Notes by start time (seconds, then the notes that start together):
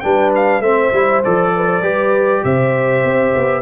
0.00 G3 D4 B4 G5
0.35 F5
0.60 A3 C4 C5 E5
0.92 G3 E4
1.24 F3 A4 D5
1.55 B4
1.66 C5
1.81 G3 G4 B4
2.44 C3 C5 E5
3.04 C4
3.35 B3